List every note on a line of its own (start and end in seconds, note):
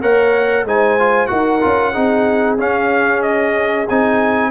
0.00 0.64 A#3
0.00 0.66 A#4
0.00 0.65 C#5
0.00 0.66 F#5
0.64 1.28 G#3
0.64 0.99 D#4
0.64 1.30 C5
0.64 1.26 G#5
0.99 1.27 F4
1.26 1.63 D#4
1.26 1.59 F#4
1.26 1.92 A#4
1.26 2.56 F#5
1.61 1.96 C#4
1.61 1.93 F4
1.92 2.58 C4
1.92 2.58 D#4
1.92 4.50 G#4
2.58 3.87 C#4
2.58 3.22 F5
3.22 3.86 D#5
3.89 4.51 C4
3.89 4.51 D#4
3.89 4.51 G#5